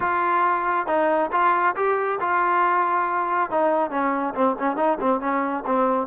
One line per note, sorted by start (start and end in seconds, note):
0.00 0.86 F4
0.86 1.30 D#4
1.32 1.75 F4
1.75 2.19 G4
2.20 3.50 F4
3.50 3.90 D#4
3.90 4.33 C#4
4.34 4.56 C4
4.59 4.76 C#4
4.76 4.98 D#4
5.00 5.20 C4
5.20 5.64 C#4
5.65 6.07 C4